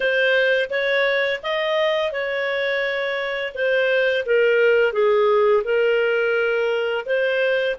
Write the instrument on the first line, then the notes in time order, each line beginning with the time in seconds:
clarinet
0.00 C5
0.69 C#5
1.42 D#5
2.11 C#5
3.54 C5
4.25 A#4
4.92 G#4
5.64 A#4
7.05 C5